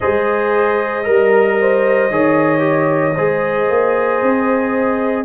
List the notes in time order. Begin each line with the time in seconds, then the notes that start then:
0.00 G#3 G#4 C5 D#5
1.03 G3 A#4
1.61 C5
2.10 D#3 G#4 C#5
2.59 G4
3.15 G#3 G#4 C5
3.68 A#3
4.21 C4